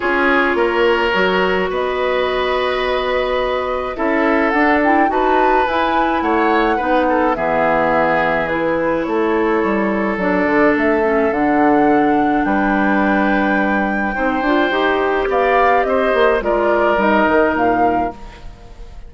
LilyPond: <<
  \new Staff \with { instrumentName = "flute" } { \time 4/4 \tempo 4 = 106 cis''2. dis''4~ | dis''2. e''4 | fis''8 g''8 a''4 gis''4 fis''4~ | fis''4 e''2 b'4 |
cis''2 d''4 e''4 | fis''2 g''2~ | g''2. f''4 | dis''4 d''4 dis''4 f''4 | }
  \new Staff \with { instrumentName = "oboe" } { \time 4/4 gis'4 ais'2 b'4~ | b'2. a'4~ | a'4 b'2 cis''4 | b'8 a'8 gis'2. |
a'1~ | a'2 b'2~ | b'4 c''2 d''4 | c''4 ais'2. | }
  \new Staff \with { instrumentName = "clarinet" } { \time 4/4 f'2 fis'2~ | fis'2. e'4 | d'8 e'8 fis'4 e'2 | dis'4 b2 e'4~ |
e'2 d'4. cis'8 | d'1~ | d'4 dis'8 f'8 g'2~ | g'4 f'4 dis'2 | }
  \new Staff \with { instrumentName = "bassoon" } { \time 4/4 cis'4 ais4 fis4 b4~ | b2. cis'4 | d'4 dis'4 e'4 a4 | b4 e2. |
a4 g4 fis8 d8 a4 | d2 g2~ | g4 c'8 d'8 dis'4 b4 | c'8 ais8 gis4 g8 dis8 ais,4 | }
>>